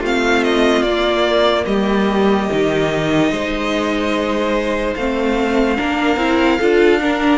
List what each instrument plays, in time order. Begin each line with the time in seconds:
0.00 cello A3, viola C4, violin F4
0.06 violin F5
0.44 violin D#5
0.83 cello A#3, viola A#3, violin D5
1.66 cello G3, violin G4 D#5
2.51 cello D#3, viola D#4
3.31 cello G#3, violin C5
4.96 cello A3, viola C4, violin F5
5.77 cello A#3, viola D4, violin A#4
6.17 cello C4, viola E4
6.59 cello D4, viola F4, violin A4
7.00 viola D4, violin A#4